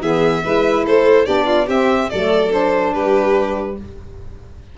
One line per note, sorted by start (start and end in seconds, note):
0.00 0.42 E3
0.00 0.43 B3
0.00 0.43 G#4
0.00 0.85 E5
0.43 0.85 G#3
0.43 1.25 E4
0.43 0.84 B4
0.84 1.27 A3
0.84 1.26 A4
0.84 1.25 C5
1.25 1.67 B3
1.25 1.66 D4
1.25 1.46 G4
1.25 1.67 D5
1.46 1.66 F4
1.66 2.09 C4
1.66 2.11 C4
1.66 2.08 G4
1.66 2.09 E5
2.09 2.94 F#3
2.09 2.50 A3
2.09 2.93 A4
2.09 2.51 D5
2.50 3.75 D4
2.50 2.93 C5
2.93 3.77 G3
2.93 3.76 G4
2.93 3.77 B4